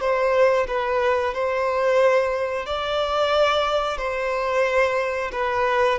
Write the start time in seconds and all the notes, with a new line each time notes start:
0.00 C5
0.67 B4
1.34 C5
2.65 D5
3.97 C5
5.32 B4